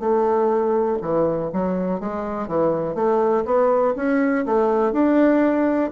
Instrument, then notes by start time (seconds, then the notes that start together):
bassoon
0.00 A3
1.02 E3
1.53 F#3
2.00 G#3
2.48 E3
2.95 A3
3.45 B3
3.96 C#4
4.46 A3
4.93 D4